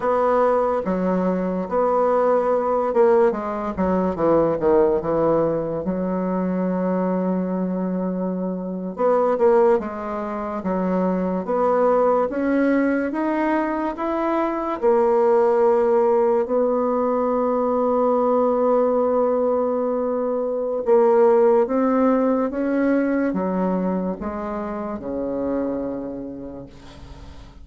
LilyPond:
\new Staff \with { instrumentName = "bassoon" } { \time 4/4 \tempo 4 = 72 b4 fis4 b4. ais8 | gis8 fis8 e8 dis8 e4 fis4~ | fis2~ fis8. b8 ais8 gis16~ | gis8. fis4 b4 cis'4 dis'16~ |
dis'8. e'4 ais2 b16~ | b1~ | b4 ais4 c'4 cis'4 | fis4 gis4 cis2 | }